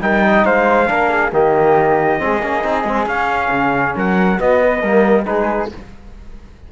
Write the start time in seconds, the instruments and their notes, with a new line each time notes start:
0.00 cello G3, trombone D#4, flute A#4, trumpet G5
0.25 flute D#5
0.44 cello G#3, flute C5, trumpet F5
0.86 cello A#3, trombone D4, flute A#4
1.09 flute G#4
1.32 cello D#3, trombone A#3, flute G4, trumpet D#5
2.18 cello G#3, trombone C4, flute G#4
2.41 cello A#3, trombone C#4
2.62 cello C4, trombone D#4
2.84 cello G#3, trombone C4
3.05 cello C#4, trombone C#4, trumpet F5
3.50 cello C#3
3.95 cello F#3, flute A#4, trumpet F#5
4.37 trombone B3, cello B3, flute F#4, trumpet D#5
4.61 flute B4
4.82 cello G3, trombone A#3, flute A#4
5.25 cello G#3, trombone D#4, flute G#4, trumpet B4